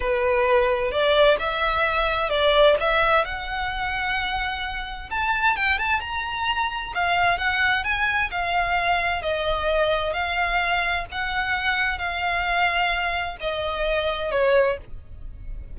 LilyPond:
\new Staff \with { instrumentName = "violin" } { \time 4/4 \tempo 4 = 130 b'2 d''4 e''4~ | e''4 d''4 e''4 fis''4~ | fis''2. a''4 | g''8 a''8 ais''2 f''4 |
fis''4 gis''4 f''2 | dis''2 f''2 | fis''2 f''2~ | f''4 dis''2 cis''4 | }